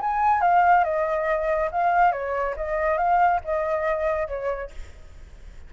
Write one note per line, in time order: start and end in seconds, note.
0.00 0.41 G#5
0.41 0.84 F5
0.84 1.69 D#5
1.71 2.12 F5
2.12 2.55 C#5
2.56 2.97 D#5
2.97 3.40 F5
3.44 4.27 D#5
4.27 4.70 C#5